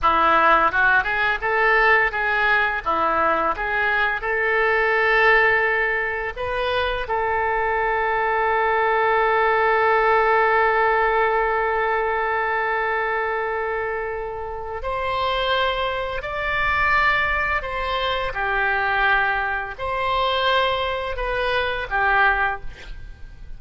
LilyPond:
\new Staff \with { instrumentName = "oboe" } { \time 4/4 \tempo 4 = 85 e'4 fis'8 gis'8 a'4 gis'4 | e'4 gis'4 a'2~ | a'4 b'4 a'2~ | a'1~ |
a'1~ | a'4 c''2 d''4~ | d''4 c''4 g'2 | c''2 b'4 g'4 | }